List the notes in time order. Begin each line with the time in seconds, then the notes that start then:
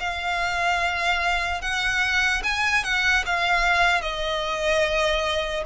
0.00 F5
1.62 F#5
2.44 G#5
2.84 F#5
3.27 F5
4.02 D#5